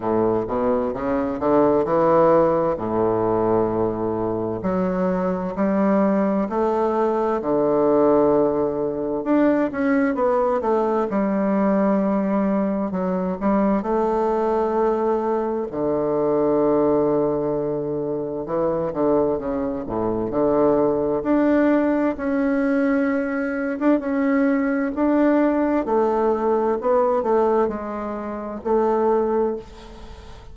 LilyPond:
\new Staff \with { instrumentName = "bassoon" } { \time 4/4 \tempo 4 = 65 a,8 b,8 cis8 d8 e4 a,4~ | a,4 fis4 g4 a4 | d2 d'8 cis'8 b8 a8 | g2 fis8 g8 a4~ |
a4 d2. | e8 d8 cis8 a,8 d4 d'4 | cis'4.~ cis'16 d'16 cis'4 d'4 | a4 b8 a8 gis4 a4 | }